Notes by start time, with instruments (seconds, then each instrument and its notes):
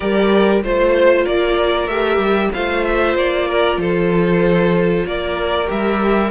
0.00 cello G3, viola G4, violin A#4 D5
0.63 cello A3, viola F4, violin C5
1.23 cello A#3, violin A#4 D5
1.87 cello A3, viola G4, violin E5
2.17 cello G3
2.53 cello A3, viola F4, violin C5 F5
2.84 violin E5
3.15 cello A#3, violin D5
3.47 violin A#4
3.77 cello F3, violin A4 C5
5.05 cello A#3, violin A#4 D5
5.65 cello G3, viola G4, violin E5